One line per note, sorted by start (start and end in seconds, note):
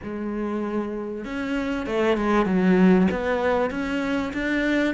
0.03 1.24 G#3
1.24 1.86 C#4
1.86 2.17 A3
2.17 2.45 G#3
2.45 3.07 F#3
3.11 3.70 B3
3.70 4.32 C#4
4.33 4.94 D4